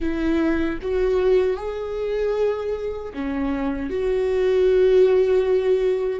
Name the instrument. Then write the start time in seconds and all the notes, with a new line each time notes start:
viola
0.00 E4
0.81 F#4
1.57 G#4
3.13 C#4
3.90 F#4